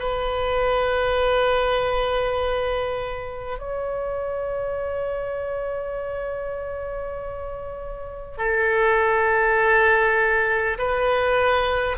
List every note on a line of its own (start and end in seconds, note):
0.00 3.59 B4
3.59 8.38 C#5
8.38 10.78 A4
10.78 11.98 B4